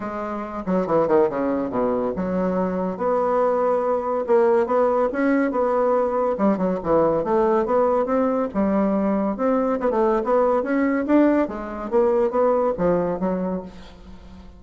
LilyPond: \new Staff \with { instrumentName = "bassoon" } { \time 4/4 \tempo 4 = 141 gis4. fis8 e8 dis8 cis4 | b,4 fis2 b4~ | b2 ais4 b4 | cis'4 b2 g8 fis8 |
e4 a4 b4 c'4 | g2 c'4 b16 a8. | b4 cis'4 d'4 gis4 | ais4 b4 f4 fis4 | }